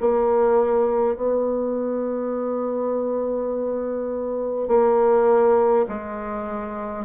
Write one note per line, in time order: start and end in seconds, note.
0.00 1.16 A#3
1.16 4.67 B3
4.67 5.85 A#3
5.88 7.05 G#3